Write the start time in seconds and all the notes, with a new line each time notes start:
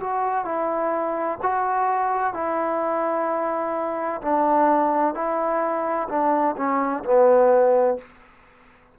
0.00 F#4
0.45 E4
1.42 F#4
2.34 E4
4.22 D4
5.14 E4
6.09 D4
6.57 C#4
7.04 B3